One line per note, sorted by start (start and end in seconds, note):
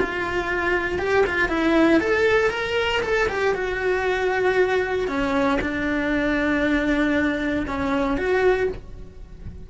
0.00 0.99 F4
0.99 1.25 G4
1.27 1.49 F4
1.49 2.00 E4
2.01 2.51 A4
2.51 3.02 A#4
3.03 3.28 A4
3.29 3.55 G4
3.55 5.08 F#4
5.08 5.59 C#4
5.61 7.66 D4
7.67 8.18 C#4
8.18 8.69 F#4